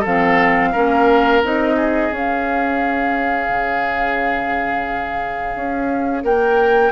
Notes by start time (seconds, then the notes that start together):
0.00 F3 A4
0.06 C4 F5
0.72 A#3 C#4 A#4
1.43 C4 D#4 D#5
1.76 G#4
2.11 C#4 F5
3.48 C#3
5.55 C#4
6.23 A#3 A#4 G5